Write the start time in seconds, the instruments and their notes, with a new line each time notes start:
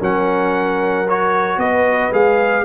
0.00 tuba F#3, trombone C#4, horn A#4, trumpet F#5
1.09 trombone F#4, trumpet C#5
1.58 tuba B3, horn B4, trumpet D#5
2.12 tuba G#3, trombone G#4, trumpet F5